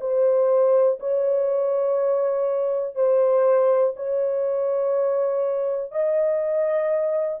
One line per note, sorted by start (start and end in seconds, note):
0.00 0.98 C5
0.99 2.95 C#5
2.95 3.93 C5
3.96 5.91 C#5
5.91 7.39 D#5